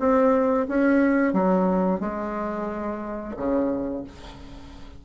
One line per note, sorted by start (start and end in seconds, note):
0.00 0.67 C4
0.69 1.34 C#4
1.34 2.01 F#3
2.01 3.36 G#3
3.37 4.04 C#3